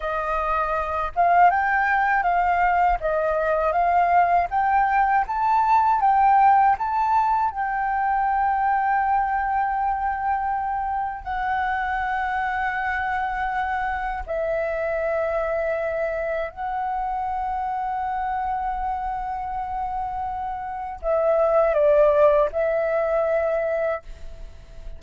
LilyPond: \new Staff \with { instrumentName = "flute" } { \time 4/4 \tempo 4 = 80 dis''4. f''8 g''4 f''4 | dis''4 f''4 g''4 a''4 | g''4 a''4 g''2~ | g''2. fis''4~ |
fis''2. e''4~ | e''2 fis''2~ | fis''1 | e''4 d''4 e''2 | }